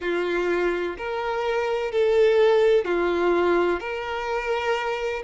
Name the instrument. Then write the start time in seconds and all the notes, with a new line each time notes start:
violin
0.00 F4
0.97 A#4
1.91 A4
2.84 F4
3.80 A#4